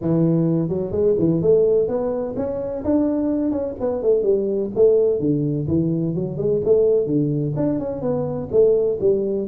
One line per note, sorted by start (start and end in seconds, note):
0.01 0.68 E3
0.68 0.91 F#3
0.91 1.15 G#3
1.19 1.41 E3
1.41 1.88 A3
1.88 2.35 B3
2.36 2.83 C#4
2.84 3.51 D4
3.51 3.74 C#4
3.79 4.02 B3
4.02 4.22 A3
4.22 4.70 G3
4.75 5.19 A3
5.19 5.67 D3
5.67 6.14 E3
6.15 6.37 F#3
6.37 6.61 G#3
6.64 7.06 A3
7.06 7.53 D3
7.56 7.79 D4
7.79 8.01 C#4
8.01 8.48 B3
8.51 8.98 A3
9.00 9.47 G3